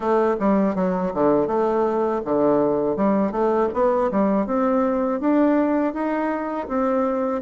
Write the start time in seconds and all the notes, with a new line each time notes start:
0.00 A3
0.39 G3
0.75 F#3
1.13 D3
1.46 A3
2.24 D3
2.96 G3
3.31 A3
3.73 B3
4.11 G3
4.46 C4
5.20 D4
5.93 D#4
6.67 C4